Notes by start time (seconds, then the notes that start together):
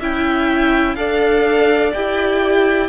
0.00 C#4 E4 E5 G5
0.96 D4 A4 D5 F5
1.94 E4 G4 G5